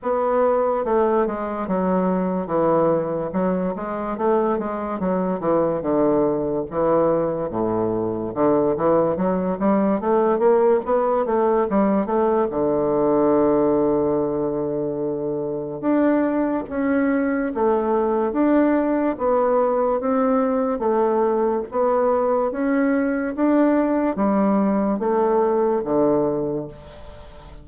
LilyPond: \new Staff \with { instrumentName = "bassoon" } { \time 4/4 \tempo 4 = 72 b4 a8 gis8 fis4 e4 | fis8 gis8 a8 gis8 fis8 e8 d4 | e4 a,4 d8 e8 fis8 g8 | a8 ais8 b8 a8 g8 a8 d4~ |
d2. d'4 | cis'4 a4 d'4 b4 | c'4 a4 b4 cis'4 | d'4 g4 a4 d4 | }